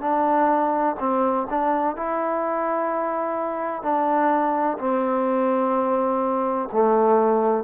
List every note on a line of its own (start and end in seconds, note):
0.00 0.95 D4
0.99 1.47 C4
1.50 1.96 D4
1.96 3.82 E4
3.82 4.77 D4
4.78 6.68 C4
6.72 7.64 A3